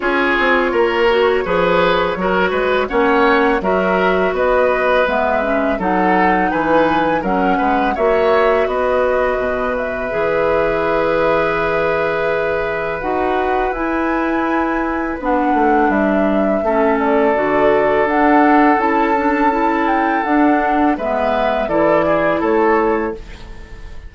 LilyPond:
<<
  \new Staff \with { instrumentName = "flute" } { \time 4/4 \tempo 4 = 83 cis''1 | fis''4 e''4 dis''4 e''4 | fis''4 gis''4 fis''4 e''4 | dis''4. e''2~ e''8~ |
e''2 fis''4 gis''4~ | gis''4 fis''4 e''4. d''8~ | d''4 fis''4 a''4. g''8 | fis''4 e''4 d''4 cis''4 | }
  \new Staff \with { instrumentName = "oboe" } { \time 4/4 gis'4 ais'4 b'4 ais'8 b'8 | cis''4 ais'4 b'2 | a'4 b'4 ais'8 b'8 cis''4 | b'1~ |
b'1~ | b'2. a'4~ | a'1~ | a'4 b'4 a'8 gis'8 a'4 | }
  \new Staff \with { instrumentName = "clarinet" } { \time 4/4 f'4. fis'8 gis'4 fis'4 | cis'4 fis'2 b8 cis'8 | dis'2 cis'4 fis'4~ | fis'2 gis'2~ |
gis'2 fis'4 e'4~ | e'4 d'2 cis'4 | fis'4 d'4 e'8 d'8 e'4 | d'4 b4 e'2 | }
  \new Staff \with { instrumentName = "bassoon" } { \time 4/4 cis'8 c'8 ais4 f4 fis8 gis8 | ais4 fis4 b4 gis4 | fis4 e4 fis8 gis8 ais4 | b4 b,4 e2~ |
e2 dis'4 e'4~ | e'4 b8 a8 g4 a4 | d4 d'4 cis'2 | d'4 gis4 e4 a4 | }
>>